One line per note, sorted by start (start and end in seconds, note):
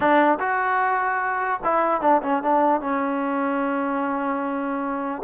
0.00 0.38 D4
0.39 1.60 F#4
1.64 2.01 E4
2.01 2.21 D4
2.22 2.42 C#4
2.43 2.80 D4
2.80 5.22 C#4